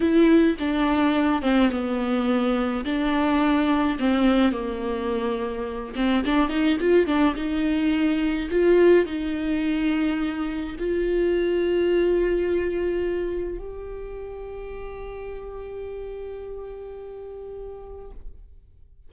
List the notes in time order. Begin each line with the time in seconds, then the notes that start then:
0.00 E4
0.59 D4
1.42 C4
1.71 B3
2.85 D4
3.99 C4
4.52 A#3
5.95 C4
6.25 D4
6.49 D#4
6.80 F4
7.06 D4
7.35 D#4
8.51 F4
9.06 D#4
10.79 F4
13.58 G4